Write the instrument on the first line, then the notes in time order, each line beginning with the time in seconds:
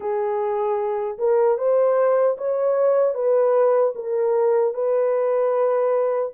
horn
0.00 G#4
1.18 A#4
1.58 C5
2.37 C#5
3.14 B4
3.95 A#4
4.74 B4